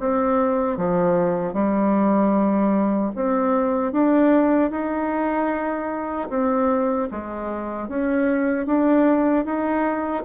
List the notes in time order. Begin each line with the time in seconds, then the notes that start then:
0.00 C4
0.77 F3
1.54 G3
3.16 C4
3.93 D4
4.71 D#4
6.30 C4
7.12 G#3
7.88 C#4
8.67 D4
9.46 D#4